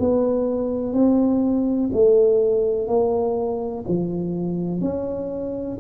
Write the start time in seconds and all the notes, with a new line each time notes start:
0.00 B3
0.94 C4
1.93 A3
2.88 A#3
3.88 F3
4.81 C#4